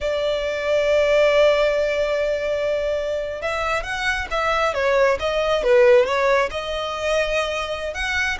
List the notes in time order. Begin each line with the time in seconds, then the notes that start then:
0.00 D5
3.41 E5
3.83 F#5
4.31 E5
4.73 C#5
5.19 D#5
5.63 B4
6.05 C#5
6.51 D#5
7.94 F#5